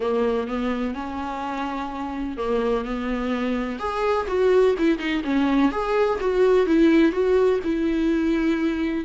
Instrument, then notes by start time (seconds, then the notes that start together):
viola
0.00 A#3
0.47 B3
0.94 C#4
2.37 A#3
2.84 B3
3.79 G#4
4.27 F#4
4.78 E4
4.98 D#4
5.24 C#4
5.71 G#4
6.20 F#4
6.66 E4
7.12 F#4
7.64 E4